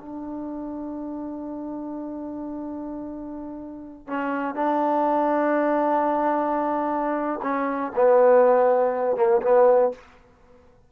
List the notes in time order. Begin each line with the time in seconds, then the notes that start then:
0.00 D4
4.07 C#4
4.55 D4
7.42 C#4
7.96 B3
9.17 A#3
9.42 B3